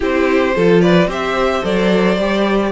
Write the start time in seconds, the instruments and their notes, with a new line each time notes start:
0.00 cello C4, viola E4, violin G4 C5
0.55 cello F3, viola F4, violin A4
0.80 violin B4 D5
1.06 cello C4, viola G4, violin C5 E5
1.62 cello F#3, viola A4, violin D5
2.17 cello G3, viola G4